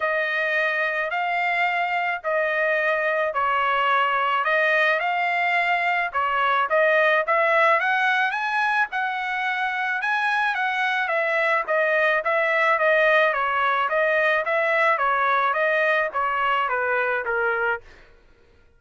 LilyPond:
\new Staff \with { instrumentName = "trumpet" } { \time 4/4 \tempo 4 = 108 dis''2 f''2 | dis''2 cis''2 | dis''4 f''2 cis''4 | dis''4 e''4 fis''4 gis''4 |
fis''2 gis''4 fis''4 | e''4 dis''4 e''4 dis''4 | cis''4 dis''4 e''4 cis''4 | dis''4 cis''4 b'4 ais'4 | }